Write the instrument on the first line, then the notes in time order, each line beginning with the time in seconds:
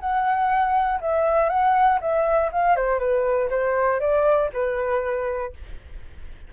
flute
0.00 F#5
1.01 E5
1.49 F#5
2.00 E5
2.52 F5
2.76 C5
2.99 B4
3.50 C5
4.00 D5
4.53 B4